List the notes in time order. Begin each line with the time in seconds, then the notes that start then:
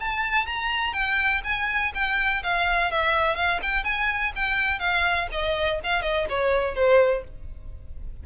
0.00 A5
0.46 A#5
0.93 G5
1.44 G#5
1.94 G5
2.43 F5
2.91 E5
3.36 F5
3.62 G5
3.84 G#5
4.35 G5
4.79 F5
5.31 D#5
5.84 F5
6.02 D#5
6.29 C#5
6.75 C5